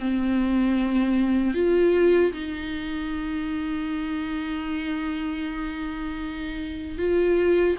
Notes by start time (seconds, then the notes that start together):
0.00 C4
1.55 F4
2.33 D#4
6.98 F4